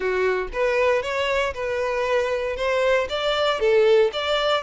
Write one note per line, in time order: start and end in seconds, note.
0.00 0.48 F#4
0.52 1.02 B4
1.02 1.53 C#5
1.54 2.56 B4
2.56 3.07 C5
3.09 3.59 D5
3.59 4.10 A4
4.12 4.62 D5